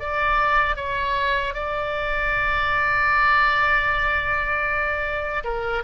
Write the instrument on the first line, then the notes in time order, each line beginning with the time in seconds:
oboe
0.00 D5
0.77 C#5
1.55 D5
5.45 A#4